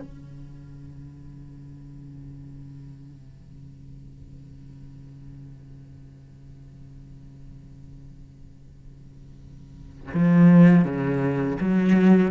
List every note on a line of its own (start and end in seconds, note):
0.00 10.12 C#3
10.14 10.85 F3
10.85 11.57 C#3
11.60 12.31 F#3